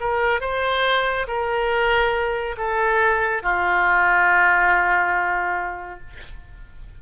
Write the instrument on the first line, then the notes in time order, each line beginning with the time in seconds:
oboe
0.00 A#4
0.41 C5
1.27 A#4
2.57 A4
3.42 F4